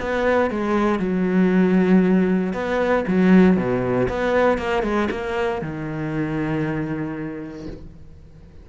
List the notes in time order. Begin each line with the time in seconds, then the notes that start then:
0.00 B3
0.50 G#3
1.00 F#3
2.53 B3
3.08 F#3
3.57 B2
4.09 B3
4.58 A#3
4.83 G#3
5.11 A#3
5.62 D#3